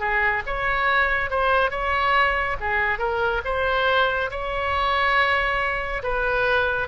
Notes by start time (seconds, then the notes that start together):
0.00 G#4
0.46 C#5
1.31 C5
1.71 C#5
2.60 G#4
2.98 A#4
3.45 C5
4.31 C#5
6.03 B4